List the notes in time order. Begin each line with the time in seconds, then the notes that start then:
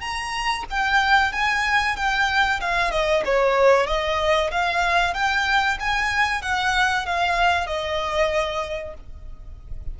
0.00 A#5
0.70 G5
1.32 G#5
1.96 G5
2.61 F5
2.91 D#5
3.25 C#5
3.86 D#5
4.51 F5
5.14 G5
5.80 G#5
6.41 F#5
7.06 F5
7.66 D#5